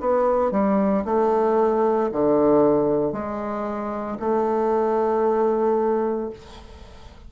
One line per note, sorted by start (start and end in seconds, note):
0.00 0.51 B3
0.51 1.04 G3
1.04 2.10 A3
2.12 3.12 D3
3.12 4.17 G#3
4.19 6.30 A3